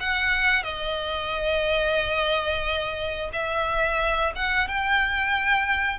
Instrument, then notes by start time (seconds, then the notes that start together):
violin
0.00 F#5
0.63 D#5
3.33 E5
4.35 F#5
4.68 G5